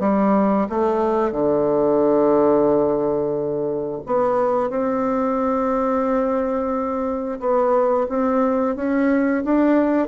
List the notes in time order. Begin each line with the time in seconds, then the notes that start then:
0.00 G3
0.70 A3
1.32 D3
4.06 B3
4.70 C4
7.40 B3
8.09 C4
8.76 C#4
9.45 D4